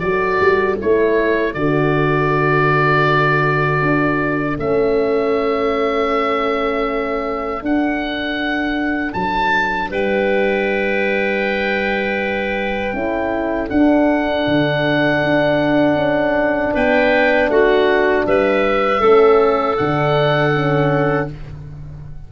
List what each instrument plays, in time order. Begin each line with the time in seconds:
0.00 tuba F#3, horn F#4, clarinet A4, oboe D5
0.41 tuba G3
0.82 tuba A3, horn E4, oboe C#5
1.54 tuba D3, horn F#4, oboe D5
3.82 tuba D4
4.59 tuba A3, horn C#4, oboe E5
7.62 tuba D4, horn D4, oboe F#5
9.13 tuba F#3, oboe A5
9.91 tuba G3, clarinet B4, oboe G5
12.94 tuba C#4, horn E4, clarinet A4
13.69 horn D4, tuba D4, oboe F#5
14.48 tuba D3
15.23 tuba D4
15.95 tuba C#4
16.74 tuba B3, clarinet B4, oboe G5
17.49 tuba A3, clarinet F#4, oboe F#5
18.27 tuba G3, clarinet B4, oboe E5
19.01 tuba A3, horn C#4, clarinet A4
19.78 tuba D3, horn D4, oboe F#5
20.54 horn C#4